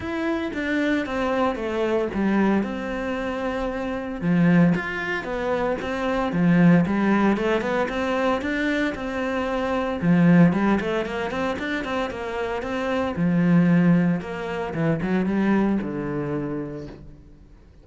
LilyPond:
\new Staff \with { instrumentName = "cello" } { \time 4/4 \tempo 4 = 114 e'4 d'4 c'4 a4 | g4 c'2. | f4 f'4 b4 c'4 | f4 g4 a8 b8 c'4 |
d'4 c'2 f4 | g8 a8 ais8 c'8 d'8 c'8 ais4 | c'4 f2 ais4 | e8 fis8 g4 d2 | }